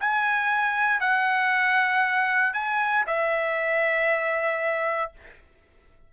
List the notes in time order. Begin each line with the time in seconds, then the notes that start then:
0.00 G#5
1.00 F#5
2.53 G#5
3.07 E5